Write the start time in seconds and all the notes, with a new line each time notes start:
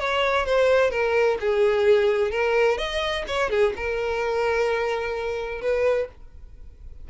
0.00 C#5
0.46 C5
0.91 A#4
1.40 G#4
2.31 A#4
2.78 D#5
3.27 C#5
3.50 G#4
3.76 A#4
5.61 B4